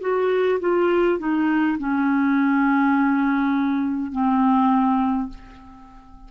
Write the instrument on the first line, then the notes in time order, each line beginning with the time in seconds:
clarinet
0.00 F#4
0.60 F4
1.19 D#4
1.78 C#4
4.11 C4